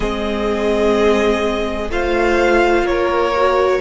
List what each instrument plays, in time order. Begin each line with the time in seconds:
0.00 cello G#3, viola C4, violin G#4 D#5
1.90 cello A3, viola F4, violin C5 F5
2.83 cello A#3, violin A#4 C#5
3.36 viola F#4